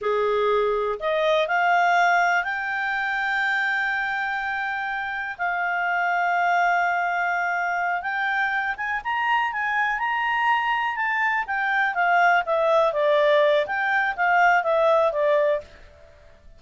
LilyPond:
\new Staff \with { instrumentName = "clarinet" } { \time 4/4 \tempo 4 = 123 gis'2 dis''4 f''4~ | f''4 g''2.~ | g''2. f''4~ | f''1~ |
f''8 g''4. gis''8 ais''4 gis''8~ | gis''8 ais''2 a''4 g''8~ | g''8 f''4 e''4 d''4. | g''4 f''4 e''4 d''4 | }